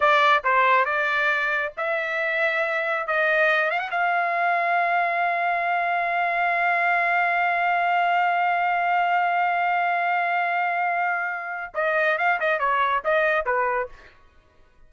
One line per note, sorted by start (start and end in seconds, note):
0.00 0.43 D5
0.43 0.85 C5
0.85 1.72 D5
1.77 3.07 E5
3.07 3.70 D#5
3.70 3.79 F5
3.79 3.90 F#5
3.90 11.73 F5
11.74 12.18 D#5
12.18 12.39 F5
12.40 12.59 D#5
12.59 13.02 C#5
13.04 13.45 D#5
13.45 13.89 B4